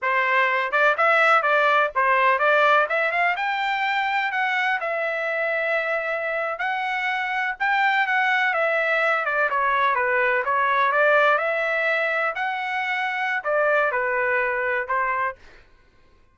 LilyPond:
\new Staff \with { instrumentName = "trumpet" } { \time 4/4 \tempo 4 = 125 c''4. d''8 e''4 d''4 | c''4 d''4 e''8 f''8 g''4~ | g''4 fis''4 e''2~ | e''4.~ e''16 fis''2 g''16~ |
g''8. fis''4 e''4. d''8 cis''16~ | cis''8. b'4 cis''4 d''4 e''16~ | e''4.~ e''16 fis''2~ fis''16 | d''4 b'2 c''4 | }